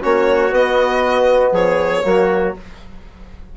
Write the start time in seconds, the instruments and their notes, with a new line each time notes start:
0.00 bassoon A#3, trombone C#4, trumpet F#4, violin C#5
0.50 trombone B3, bassoon B3, violin D#5
1.52 bassoon F3, trumpet G#4, violin C#5
2.03 bassoon F#3, trombone A#3, trumpet F#4